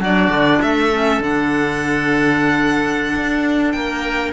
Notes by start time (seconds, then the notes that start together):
0.00 F#3 D4 F#4 D5
0.29 D3
0.62 A3 A4 E5
0.92 C#4
1.19 D3 D4 F#5
3.16 D4
3.71 A#3 A#4 G5